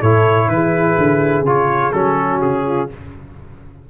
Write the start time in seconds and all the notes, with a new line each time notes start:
0.00 A2 E4 A4 C#5
0.47 E3 G#4 B4
0.97 D3
1.42 C#3 F4
1.48 C#5
1.92 F#3 C#4 A4
2.20 F#4
2.41 C#3 G#4
2.65 F4